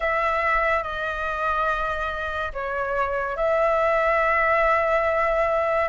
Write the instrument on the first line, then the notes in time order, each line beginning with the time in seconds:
flute
0.00 E5
0.83 D#5
2.53 C#5
3.36 E5